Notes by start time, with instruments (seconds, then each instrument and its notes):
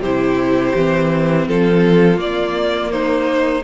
0.00 cello C3, viola E4, violin G4 C5
0.75 cello E3, viola C4
1.47 cello F3, violin F4 A4
2.17 cello A#3, viola A#3, violin D5
2.91 violin D#4 C5